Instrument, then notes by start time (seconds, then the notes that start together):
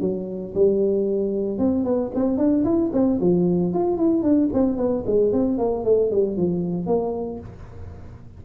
tuba
0.00 F#3
0.54 G3
1.58 C4
1.84 B3
2.14 C4
2.37 D4
2.64 E4
2.93 C4
3.20 F3
3.73 F4
3.97 E4
4.22 D4
4.53 C4
4.77 B3
5.06 G#3
5.32 C4
5.58 A#3
5.84 A3
6.10 G3
6.36 F3
6.86 A#3